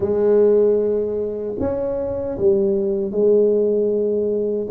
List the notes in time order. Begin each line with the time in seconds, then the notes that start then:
0.00 G#3
1.59 C#4
2.38 G3
3.11 G#3